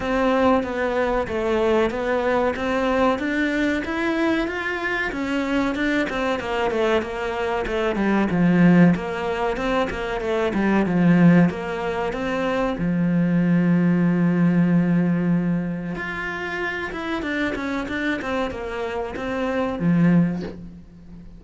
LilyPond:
\new Staff \with { instrumentName = "cello" } { \time 4/4 \tempo 4 = 94 c'4 b4 a4 b4 | c'4 d'4 e'4 f'4 | cis'4 d'8 c'8 ais8 a8 ais4 | a8 g8 f4 ais4 c'8 ais8 |
a8 g8 f4 ais4 c'4 | f1~ | f4 f'4. e'8 d'8 cis'8 | d'8 c'8 ais4 c'4 f4 | }